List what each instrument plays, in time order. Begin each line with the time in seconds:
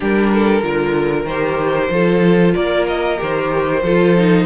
0.00 cello G3, viola D4, violin G4 A#4
0.33 violin A4
0.62 cello D3, viola F4, violin A#4
1.24 cello D#3, viola G4, violin C5
1.90 cello F3, viola F4, violin A4
2.54 cello A#3, violin A#4 D5
2.87 violin D#5
3.17 cello D#3, viola G4, violin C5
3.82 cello F3, viola F4, violin A4
4.17 viola D#4